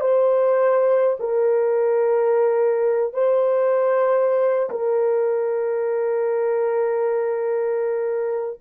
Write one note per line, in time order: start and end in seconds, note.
0.00 1.17 C5
1.19 3.13 A#4
3.13 4.69 C5
4.70 8.60 A#4